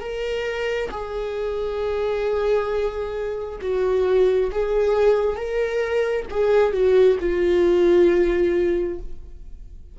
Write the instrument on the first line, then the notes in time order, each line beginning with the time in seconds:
viola
0.00 A#4
0.90 G#4
3.61 F#4
4.51 G#4
5.36 A#4
6.30 G#4
6.73 F#4
7.20 F4